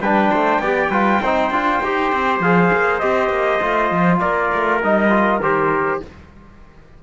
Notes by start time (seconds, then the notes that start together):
0.00 G3 D4 B4 G5
0.30 A3 C5
0.58 B3 G4 D5
0.90 G3 F4 B4
1.22 C4 D#4 C5
1.50 D4 F4
1.83 D#4 G4
2.12 C4
2.39 F3 G#4 F5
2.73 A#3
2.99 C4 G4 D#5
3.29 A#3
3.61 A3 F4
3.91 F3
4.19 A#3 A#4 D5
4.53 A3
4.82 G3 D#4 D#5
5.09 F4
5.40 D#3 G4 C5